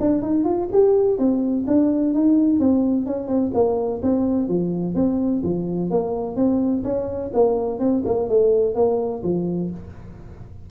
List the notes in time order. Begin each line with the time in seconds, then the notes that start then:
0.00 D4
0.22 D#4
0.45 F4
0.72 G4
1.19 C4
1.67 D4
2.14 D#4
2.60 C4
3.06 C#4
3.28 C4
3.54 A#3
4.02 C4
4.49 F3
4.95 C4
5.43 F3
5.90 A#3
6.36 C4
6.84 C#4
7.34 A#3
7.79 C4
8.05 A#3
8.29 A3
8.75 A#3
9.23 F3